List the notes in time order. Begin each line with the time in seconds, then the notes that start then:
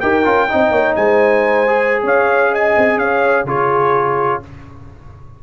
0.00 D#4 G4 A#4 G5
0.24 C#4 F4
0.48 C4 D#4 D#5
0.71 A#3 C#5
0.96 G#3 C5 G#5
1.67 G#4
2.03 C#4 C#5 F5
2.52 D#5 G#5
2.77 C4
2.97 C#4 C#5 F5
3.44 C#3 F4 G#4 C#5